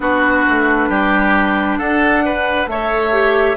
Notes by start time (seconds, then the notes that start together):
0.00 B3 D4 F#4 B4
0.48 A3
0.89 G3 G4
1.78 D4 A4 F#5
2.25 B4
2.66 A3 A4 C#5 E5
3.11 G4